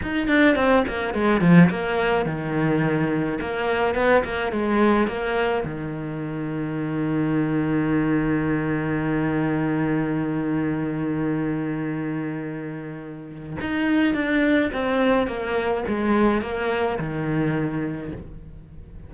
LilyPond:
\new Staff \with { instrumentName = "cello" } { \time 4/4 \tempo 4 = 106 dis'8 d'8 c'8 ais8 gis8 f8 ais4 | dis2 ais4 b8 ais8 | gis4 ais4 dis2~ | dis1~ |
dis1~ | dis1 | dis'4 d'4 c'4 ais4 | gis4 ais4 dis2 | }